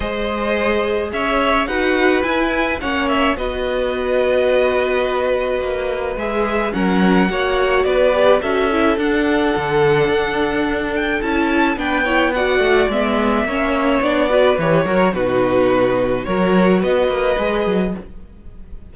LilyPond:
<<
  \new Staff \with { instrumentName = "violin" } { \time 4/4 \tempo 4 = 107 dis''2 e''4 fis''4 | gis''4 fis''8 e''8 dis''2~ | dis''2. e''4 | fis''2 d''4 e''4 |
fis''2.~ fis''8 g''8 | a''4 g''4 fis''4 e''4~ | e''4 d''4 cis''4 b'4~ | b'4 cis''4 dis''2 | }
  \new Staff \with { instrumentName = "violin" } { \time 4/4 c''2 cis''4 b'4~ | b'4 cis''4 b'2~ | b'1 | ais'4 cis''4 b'4 a'4~ |
a'1~ | a'4 b'8 cis''8 d''2 | cis''4. b'4 ais'8 fis'4~ | fis'4 ais'4 b'2 | }
  \new Staff \with { instrumentName = "viola" } { \time 4/4 gis'2. fis'4 | e'4 cis'4 fis'2~ | fis'2. gis'4 | cis'4 fis'4. g'8 fis'8 e'8 |
d'1 | e'4 d'8 e'8 fis'4 b4 | cis'4 d'8 fis'8 g'8 fis'8 dis'4~ | dis'4 fis'2 gis'4 | }
  \new Staff \with { instrumentName = "cello" } { \time 4/4 gis2 cis'4 dis'4 | e'4 ais4 b2~ | b2 ais4 gis4 | fis4 ais4 b4 cis'4 |
d'4 d4 d'2 | cis'4 b4. a8 gis4 | ais4 b4 e8 fis8 b,4~ | b,4 fis4 b8 ais8 gis8 fis8 | }
>>